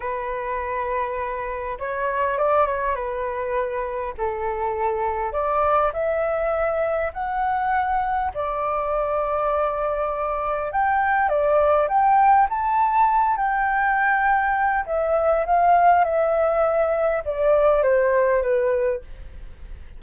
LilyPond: \new Staff \with { instrumentName = "flute" } { \time 4/4 \tempo 4 = 101 b'2. cis''4 | d''8 cis''8 b'2 a'4~ | a'4 d''4 e''2 | fis''2 d''2~ |
d''2 g''4 d''4 | g''4 a''4. g''4.~ | g''4 e''4 f''4 e''4~ | e''4 d''4 c''4 b'4 | }